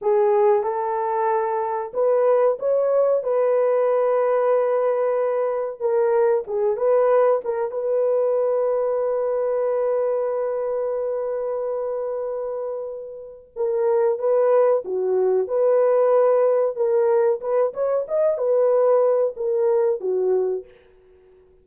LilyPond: \new Staff \with { instrumentName = "horn" } { \time 4/4 \tempo 4 = 93 gis'4 a'2 b'4 | cis''4 b'2.~ | b'4 ais'4 gis'8 b'4 ais'8 | b'1~ |
b'1~ | b'4 ais'4 b'4 fis'4 | b'2 ais'4 b'8 cis''8 | dis''8 b'4. ais'4 fis'4 | }